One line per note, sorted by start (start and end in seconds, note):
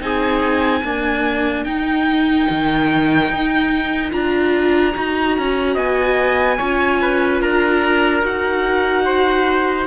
0.00 0.82 C4
0.00 0.83 D#4
0.00 0.81 G#4
0.00 1.64 G#5
0.81 1.66 A#3
0.81 1.65 D4
0.81 5.74 A#4
1.64 2.47 D#4
1.64 4.10 D#4
1.64 4.10 G5
2.49 3.29 D#3
3.29 4.12 D#4
4.10 4.95 D4
4.10 4.92 F4
4.10 5.76 A#5
4.94 5.37 D#4
4.94 6.58 F#4
5.37 5.76 C#4
5.74 6.58 B3
5.74 6.56 D#5
5.74 7.41 G#5
6.57 7.41 C#4
6.57 8.22 F4
6.57 6.98 C#5
7.01 7.41 B4
7.41 8.22 D4
7.41 9.05 A#4
7.41 8.24 A#5
8.22 9.86 D#4
8.22 9.86 F#4
8.22 9.86 F#5
9.05 9.86 C5